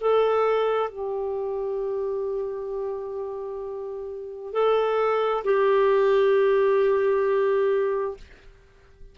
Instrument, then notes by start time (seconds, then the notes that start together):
clarinet
0.00 A4
0.89 G4
4.53 A4
5.44 G4